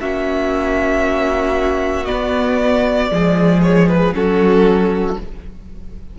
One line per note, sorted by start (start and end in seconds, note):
0.00 2.08 A#3
0.00 2.06 C#4
0.00 3.11 F#4
0.00 2.05 E5
2.05 3.09 B3
2.05 3.11 B3
2.05 3.61 D5
3.11 4.13 F3
3.11 4.14 G#3
3.11 4.15 G#4
3.62 3.88 C#5
3.88 4.14 B4
4.13 5.17 F#3
4.13 5.17 C#4
4.13 5.19 F#4
4.13 5.19 A4